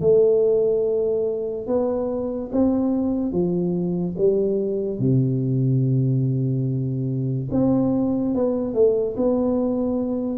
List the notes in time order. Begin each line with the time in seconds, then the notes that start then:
0.00 A3
1.67 B3
2.52 C4
3.32 F3
4.17 G3
4.99 C3
7.51 C4
8.34 B3
8.73 A3
9.16 B3